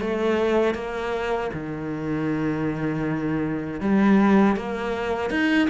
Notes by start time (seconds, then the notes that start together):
0.00 A3
0.75 A#3
1.53 D#3
3.80 G3
4.56 A#3
5.30 D#4